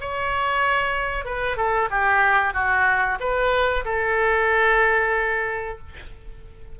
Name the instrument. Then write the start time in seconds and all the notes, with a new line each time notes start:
oboe
0.00 C#5
1.24 B4
1.56 A4
1.90 G4
2.53 F#4
3.20 B4
3.84 A4